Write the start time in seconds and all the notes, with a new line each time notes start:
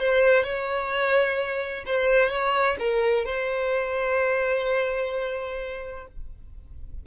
0.00 C5
0.44 C#5
1.86 C5
2.30 C#5
2.80 A#4
3.26 C5